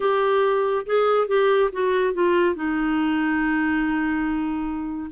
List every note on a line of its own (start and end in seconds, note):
0.00 0.85 G4
0.85 1.27 G#4
1.27 1.70 G4
1.72 2.13 F#4
2.13 2.55 F4
2.55 5.10 D#4